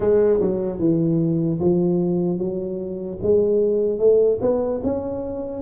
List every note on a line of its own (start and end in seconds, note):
0.00 0.40 G#3
0.40 0.79 F#3
0.79 1.59 E3
1.59 2.38 F3
2.38 3.18 F#3
3.22 3.99 G#3
3.99 4.39 A3
4.41 4.81 B3
4.83 5.62 C#4